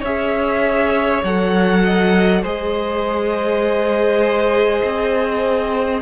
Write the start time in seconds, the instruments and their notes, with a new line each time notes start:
0.00 cello C#4, viola G#4, violin C#5 E5
1.23 cello F#3, viola A4, violin F#5
1.84 violin D#5
2.42 cello G#3, viola G#4, violin C5 D#5
4.83 cello C4